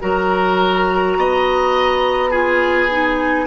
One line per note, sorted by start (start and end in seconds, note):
0.00 1.17 F#3
0.00 2.31 F#4
0.00 1.17 A#4
0.00 2.31 A#5
1.17 3.47 B3
1.17 2.30 D#5
2.30 2.88 F4
2.30 3.45 G#4
2.30 3.47 G#5
2.89 3.47 D#4